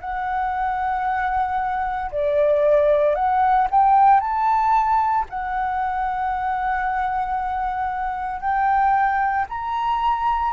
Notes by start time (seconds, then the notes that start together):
0.00 F#5
2.11 D5
3.14 F#5
3.70 G5
4.20 A5
5.29 F#5
8.40 G5
9.49 A#5